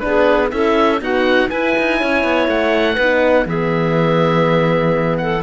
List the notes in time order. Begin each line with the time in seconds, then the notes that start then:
0.00 D4 G#4 B4
0.06 B3
0.50 C#4 E4 A4 E5
1.01 B3 D#4 F#4 F#5
1.49 E4 B4 G#5
1.79 D#4
2.00 C#4 C#5
2.24 B3
2.48 A3 F#5
2.95 B3 B4
3.01 D#4
3.46 E3 B3 G#4 E5
5.18 A4 F#5